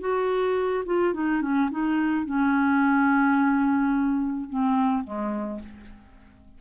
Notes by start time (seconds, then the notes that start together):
0.00 F#4
0.86 F4
1.14 D#4
1.42 C#4
1.71 D#4
2.26 C#4
4.50 C4
5.04 G#3